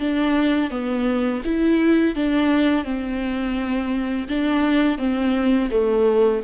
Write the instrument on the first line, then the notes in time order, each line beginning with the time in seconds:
viola
0.00 D4
0.71 B3
1.45 E4
2.16 D4
2.85 C4
4.29 D4
4.98 C4
5.71 A3